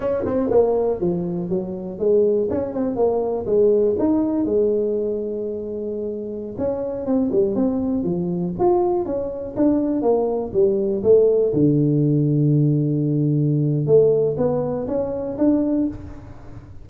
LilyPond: \new Staff \with { instrumentName = "tuba" } { \time 4/4 \tempo 4 = 121 cis'8 c'8 ais4 f4 fis4 | gis4 cis'8 c'8 ais4 gis4 | dis'4 gis2.~ | gis4~ gis16 cis'4 c'8 g8 c'8.~ |
c'16 f4 f'4 cis'4 d'8.~ | d'16 ais4 g4 a4 d8.~ | d1 | a4 b4 cis'4 d'4 | }